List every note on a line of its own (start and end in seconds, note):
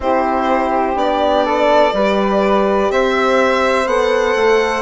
0.00 0.95 C4
0.00 0.95 E4
0.00 1.45 G4
0.00 0.98 C5
0.95 1.92 B3
0.95 1.92 D4
0.95 2.91 D5
1.45 1.93 A4
1.92 2.89 G3
1.92 3.87 G4
1.92 2.91 B4
2.90 3.86 C4
2.90 4.81 C5
2.90 3.87 E5
3.86 4.34 B3
3.86 4.81 A4
3.86 4.81 F#5
4.35 4.81 A3